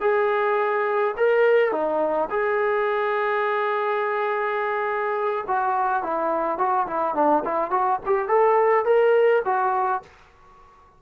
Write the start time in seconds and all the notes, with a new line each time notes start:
0.00 G#4
1.16 A#4
1.71 D#4
2.30 G#4
5.47 F#4
6.03 E4
6.58 F#4
6.87 E4
7.14 D4
7.44 E4
7.70 F#4
8.05 G4
8.28 A4
8.84 A#4
9.45 F#4